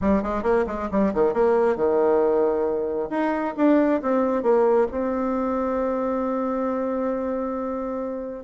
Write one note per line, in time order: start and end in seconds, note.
0.01 0.22 G3
0.22 0.42 G#3
0.42 0.65 A#3
0.66 0.89 G#3
0.91 1.13 G3
1.13 1.33 D#3
1.33 1.76 A#3
1.76 3.09 D#3
3.10 3.54 D#4
3.56 4.01 D4
4.01 4.42 C4
4.42 4.87 A#3
4.91 8.44 C4